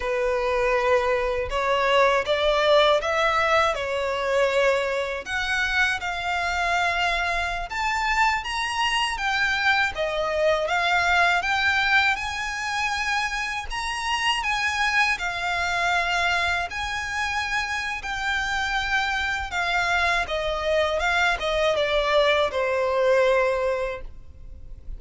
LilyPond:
\new Staff \with { instrumentName = "violin" } { \time 4/4 \tempo 4 = 80 b'2 cis''4 d''4 | e''4 cis''2 fis''4 | f''2~ f''16 a''4 ais''8.~ | ais''16 g''4 dis''4 f''4 g''8.~ |
g''16 gis''2 ais''4 gis''8.~ | gis''16 f''2 gis''4.~ gis''16 | g''2 f''4 dis''4 | f''8 dis''8 d''4 c''2 | }